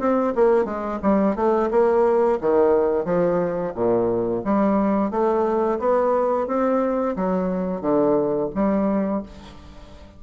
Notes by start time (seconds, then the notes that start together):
0.00 C4
0.36 A#3
0.65 G#3
1.03 G3
1.36 A3
1.71 A#3
2.41 D#3
3.05 F3
3.75 A#2
4.44 G3
5.11 A3
5.80 B3
6.48 C4
7.16 F#3
7.81 D3
8.55 G3